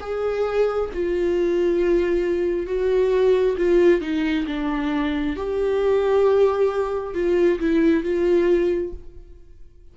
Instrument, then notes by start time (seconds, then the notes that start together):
viola
0.00 G#4
0.94 F4
2.67 F#4
3.58 F4
4.01 D#4
4.47 D4
5.36 G4
7.14 F4
7.59 E4
8.03 F4